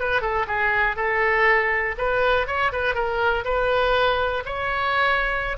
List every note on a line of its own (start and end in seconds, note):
0.00 0.22 B4
0.22 0.47 A4
0.48 0.97 G#4
0.97 1.96 A4
1.98 2.47 B4
2.47 2.72 C#5
2.73 2.95 B4
2.95 3.44 A#4
3.45 4.44 B4
4.46 5.57 C#5